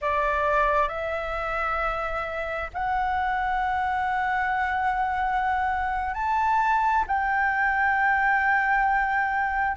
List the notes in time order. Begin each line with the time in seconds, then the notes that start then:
0.01 D5
0.88 E5
2.73 F#5
6.14 A5
7.07 G5